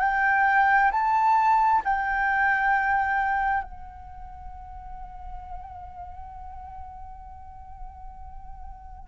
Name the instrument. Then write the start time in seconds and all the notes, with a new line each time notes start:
flute
0.00 G5
0.91 A5
1.85 G5
3.63 F#5